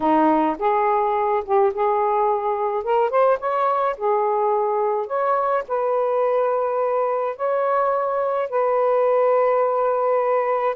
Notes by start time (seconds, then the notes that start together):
0.00 D#4
0.58 G#4
1.44 G4
1.73 G#4
2.83 A#4
3.10 C5
3.39 C#5
3.97 G#4
5.07 C#5
5.68 B4
7.36 C#5
8.49 B4